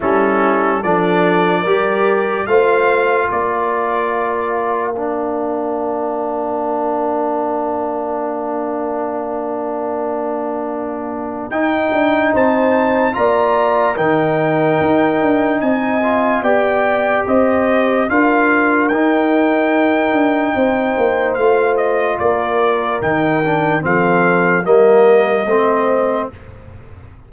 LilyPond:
<<
  \new Staff \with { instrumentName = "trumpet" } { \time 4/4 \tempo 4 = 73 a'4 d''2 f''4 | d''2 f''2~ | f''1~ | f''2 g''4 a''4 |
ais''4 g''2 gis''4 | g''4 dis''4 f''4 g''4~ | g''2 f''8 dis''8 d''4 | g''4 f''4 dis''2 | }
  \new Staff \with { instrumentName = "horn" } { \time 4/4 e'4 a'4 ais'4 c''4 | ais'1~ | ais'1~ | ais'2. c''4 |
d''4 ais'2 dis''4 | d''4 c''4 ais'2~ | ais'4 c''2 ais'4~ | ais'4 a'4 ais'4 c''4 | }
  \new Staff \with { instrumentName = "trombone" } { \time 4/4 cis'4 d'4 g'4 f'4~ | f'2 d'2~ | d'1~ | d'2 dis'2 |
f'4 dis'2~ dis'8 f'8 | g'2 f'4 dis'4~ | dis'2 f'2 | dis'8 d'8 c'4 ais4 c'4 | }
  \new Staff \with { instrumentName = "tuba" } { \time 4/4 g4 f4 g4 a4 | ais1~ | ais1~ | ais2 dis'8 d'8 c'4 |
ais4 dis4 dis'8 d'8 c'4 | b4 c'4 d'4 dis'4~ | dis'8 d'8 c'8 ais8 a4 ais4 | dis4 f4 g4 a4 | }
>>